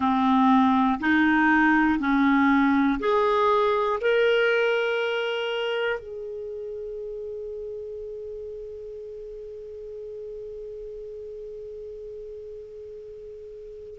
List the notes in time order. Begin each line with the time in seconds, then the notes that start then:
0.00 C4
1.00 D#4
1.99 C#4
2.99 G#4
4.00 A#4
5.99 G#4